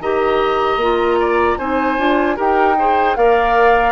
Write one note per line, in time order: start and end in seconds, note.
0.00 0.76 D#3
0.00 0.81 G4
0.00 1.19 D#5
0.00 1.58 A#5
0.76 1.55 A#3
0.76 1.59 F4
1.19 1.58 D5
1.58 1.98 C4
1.58 1.98 D#4
1.58 2.36 C5
1.58 2.37 G#5
1.98 2.38 D4
1.98 2.36 F4
2.36 3.16 D#4
2.36 2.75 G4
2.36 2.75 A#4
2.36 3.16 G5
2.78 3.15 G#4
2.78 3.17 C5
3.15 3.92 A#3
3.15 3.92 A#4
3.15 3.92 D5
3.15 3.92 F5